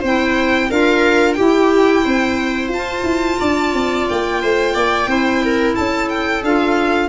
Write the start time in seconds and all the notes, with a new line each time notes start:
0.00 C4 E4 C5 G5
0.70 D4 F4 A#4 F5
1.33 E4 G4 G5
1.40 E4
2.04 C4 C5
2.69 F4 A5
2.75 F4
3.03 E4
3.40 D4 D5
3.74 C4
4.09 A#3 G5
4.42 A3 C5
4.74 A#3 D5
5.07 C4 E4 C5
5.45 A#4
5.75 C#4 A4 A5
6.09 G5
6.43 D4 F4 F5